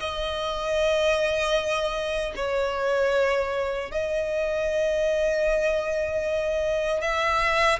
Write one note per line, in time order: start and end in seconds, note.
0.00 2.34 D#5
2.36 3.91 C#5
3.91 7.02 D#5
7.02 7.80 E5